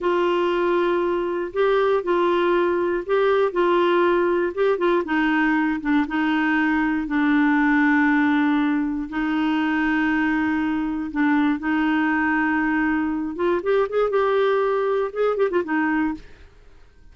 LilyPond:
\new Staff \with { instrumentName = "clarinet" } { \time 4/4 \tempo 4 = 119 f'2. g'4 | f'2 g'4 f'4~ | f'4 g'8 f'8 dis'4. d'8 | dis'2 d'2~ |
d'2 dis'2~ | dis'2 d'4 dis'4~ | dis'2~ dis'8 f'8 g'8 gis'8 | g'2 gis'8 g'16 f'16 dis'4 | }